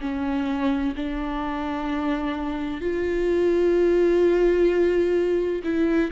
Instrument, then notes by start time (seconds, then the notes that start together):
viola
0.00 C#4
0.95 D4
2.81 F4
5.63 E4